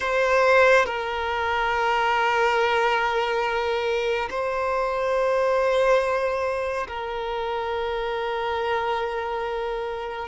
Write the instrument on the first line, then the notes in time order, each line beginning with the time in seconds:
violin
0.00 C5
0.85 A#4
4.29 C5
6.87 A#4